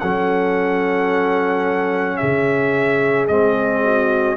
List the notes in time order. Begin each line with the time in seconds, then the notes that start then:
0.00 F#3 C#4 A4 F#5
2.17 C#3 G#4 E5
3.28 G#3 C4 D#5
3.84 F#4